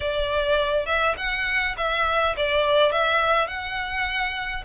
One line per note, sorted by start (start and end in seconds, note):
0.00 0.86 D5
0.86 1.15 E5
1.17 1.75 F#5
1.77 2.35 E5
2.36 2.92 D5
2.92 3.47 E5
3.47 4.63 F#5